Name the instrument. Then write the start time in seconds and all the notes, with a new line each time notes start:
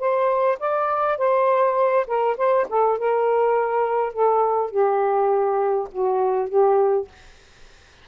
saxophone
0.00 C5
0.60 D5
1.18 C5
2.07 A#4
2.38 C5
2.70 A4
2.99 A#4
4.13 A4
4.71 G4
5.92 F#4
6.49 G4